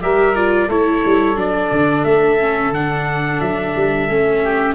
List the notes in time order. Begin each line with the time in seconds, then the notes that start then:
0.00 G3 G4 A#4 E5
0.35 F4 D5
0.68 A3 E4 A4 C#5
1.05 G3
1.36 F#3 D4 D5
1.71 D3
2.04 A3 E5
2.39 C#4
2.71 D3 D4 F#5
3.40 F#3 E5
3.75 G3
4.09 A3 C#4
4.43 G4